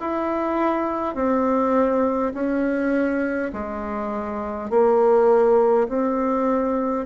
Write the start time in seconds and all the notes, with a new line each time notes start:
0.00 E4
1.15 C4
2.34 C#4
3.53 G#3
4.70 A#3
5.88 C4